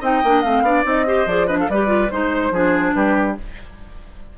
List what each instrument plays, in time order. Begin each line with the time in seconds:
0.00 bassoon C4, clarinet D#4, oboe D#5, flute G5
0.23 bassoon A#3, clarinet D4
0.42 bassoon A3, clarinet C4, flute F5
0.62 bassoon B3, clarinet D4, oboe D5
0.84 bassoon C4, clarinet D#4, flute D#5
1.06 clarinet G4, oboe C5
1.26 bassoon F3, clarinet G#4, flute D5
1.47 clarinet D4, oboe B4, flute D#5
1.59 oboe A4, flute F5
1.68 bassoon G3, clarinet G4, oboe B4, flute D5
1.86 clarinet F4
2.10 bassoon G#3, clarinet D#4, flute C5, oboe C5
2.51 bassoon F3, clarinet D4, oboe G#4
2.93 bassoon G3, oboe G4, flute B4